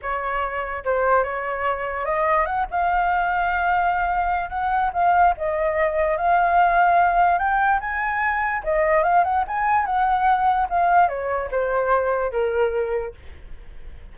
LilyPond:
\new Staff \with { instrumentName = "flute" } { \time 4/4 \tempo 4 = 146 cis''2 c''4 cis''4~ | cis''4 dis''4 fis''8 f''4.~ | f''2. fis''4 | f''4 dis''2 f''4~ |
f''2 g''4 gis''4~ | gis''4 dis''4 f''8 fis''8 gis''4 | fis''2 f''4 cis''4 | c''2 ais'2 | }